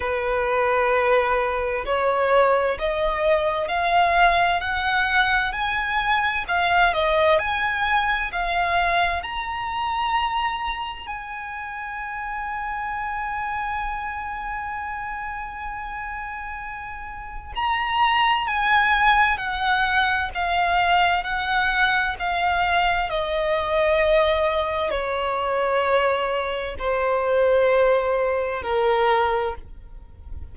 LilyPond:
\new Staff \with { instrumentName = "violin" } { \time 4/4 \tempo 4 = 65 b'2 cis''4 dis''4 | f''4 fis''4 gis''4 f''8 dis''8 | gis''4 f''4 ais''2 | gis''1~ |
gis''2. ais''4 | gis''4 fis''4 f''4 fis''4 | f''4 dis''2 cis''4~ | cis''4 c''2 ais'4 | }